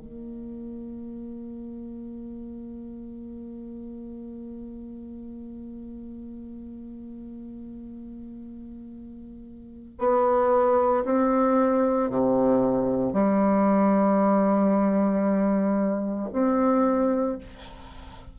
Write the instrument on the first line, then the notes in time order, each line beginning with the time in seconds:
bassoon
0.00 A#3
9.99 B3
11.05 C4
12.10 C3
13.13 G3
16.33 C4